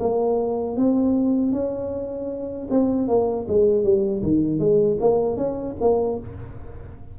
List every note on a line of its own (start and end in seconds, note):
0.00 0.77 A#3
0.77 1.53 C4
1.53 2.68 C#4
2.71 3.08 C4
3.08 3.47 A#3
3.48 3.84 G#3
3.84 4.23 G3
4.23 4.59 D#3
4.59 4.98 G#3
5.00 5.37 A#3
5.37 5.76 C#4
5.81 6.20 A#3